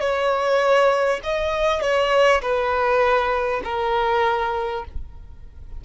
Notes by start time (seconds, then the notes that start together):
0.00 C#5
1.23 D#5
1.81 C#5
2.42 B4
3.64 A#4